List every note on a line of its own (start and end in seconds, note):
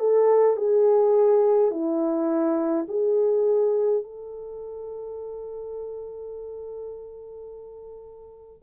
0.00 0.57 A4
0.57 1.72 G#4
1.72 2.87 E4
2.88 4.04 G#4
4.04 8.63 A4